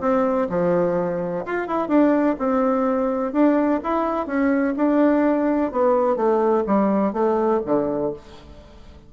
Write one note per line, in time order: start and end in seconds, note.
0.00 0.48 C4
0.50 1.45 F3
1.45 1.68 F4
1.68 1.88 E4
1.88 2.36 D4
2.39 3.32 C4
3.32 3.80 D4
3.83 4.27 E4
4.27 4.74 C#4
4.77 5.72 D4
5.72 6.16 B3
6.16 6.64 A3
6.66 7.13 G3
7.13 7.61 A3
7.65 8.13 D3